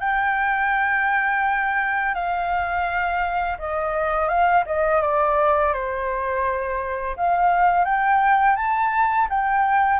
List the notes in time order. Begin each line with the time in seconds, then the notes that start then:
0.00 G5
2.15 F5
3.58 D#5
4.28 F5
4.66 D#5
5.02 D5
5.73 C5
7.17 F5
7.85 G5
8.56 A5
9.30 G5